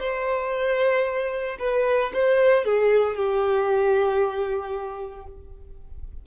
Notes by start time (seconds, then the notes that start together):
0.00 C5
1.60 B4
2.14 C5
2.66 G#4
3.17 G4